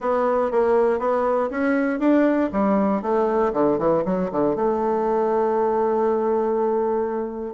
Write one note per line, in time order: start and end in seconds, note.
0.00 0.51 B3
0.51 0.99 A#3
0.99 1.49 B3
1.50 1.99 C#4
1.99 2.50 D4
2.52 3.02 G3
3.02 3.52 A3
3.53 3.78 D3
3.78 4.03 E3
4.05 4.30 F#3
4.31 4.55 D3
4.55 7.54 A3